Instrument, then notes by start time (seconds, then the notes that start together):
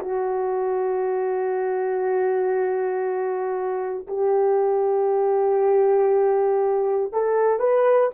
horn
0.00 F#4
4.08 G4
7.13 A4
7.59 B4